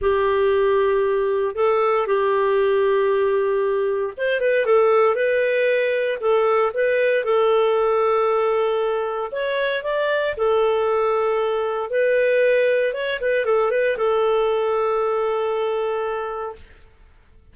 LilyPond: \new Staff \with { instrumentName = "clarinet" } { \time 4/4 \tempo 4 = 116 g'2. a'4 | g'1 | c''8 b'8 a'4 b'2 | a'4 b'4 a'2~ |
a'2 cis''4 d''4 | a'2. b'4~ | b'4 cis''8 b'8 a'8 b'8 a'4~ | a'1 | }